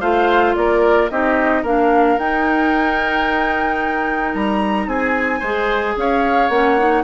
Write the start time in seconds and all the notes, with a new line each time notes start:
0.00 A3 F4 C5 F5
0.55 A#3 A#4 D5
1.10 C4 D#4 G4 D#5
1.62 A#3 D4 A#4 F5
2.18 D#4 G5
4.34 G3 A#5
4.86 C4 G#4 G#5
5.39 G#3 G#4 C5
5.96 C#4 C#5 F5
6.49 A#3 C#4 F#5
6.78 D#4